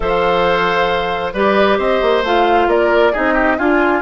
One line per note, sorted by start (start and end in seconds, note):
0.00 1.33 F3
0.00 1.33 A4
0.00 1.33 C5
0.00 1.32 F5
1.33 1.78 G3
1.33 2.24 G4
1.33 1.78 B4
1.33 1.78 D5
1.78 2.00 C4
1.78 2.67 C5
1.78 2.23 D#5
2.01 2.23 A#3
2.23 2.67 A3
2.23 3.13 F4
2.23 2.69 F5
2.67 3.12 A#3
2.67 3.12 A#4
2.67 3.14 D5
3.12 3.59 C4
3.12 3.57 D#4
3.12 3.33 G#4
3.12 3.58 D#5
3.33 3.56 G4
3.58 4.02 D4
3.58 4.02 F4
3.58 4.02 G#5